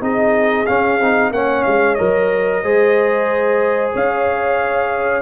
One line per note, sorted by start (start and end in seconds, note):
0.00 0.66 C4
0.00 0.65 D#4
0.00 1.33 G#4
0.00 0.66 D#5
0.66 1.00 C#4
0.66 1.31 F5
1.00 1.31 C4
1.00 1.33 D#4
1.31 1.63 A#3
1.31 1.98 C#4
1.31 2.63 C#5
1.31 1.63 F#5
1.63 1.99 G#3
1.63 1.94 F5
1.94 2.63 F#3
1.94 2.63 A#4
1.94 3.90 D#5
2.63 3.93 G#3
2.63 5.22 G#4
2.63 3.93 C5
3.93 5.22 C#4
3.93 5.22 C#5
3.93 5.22 F5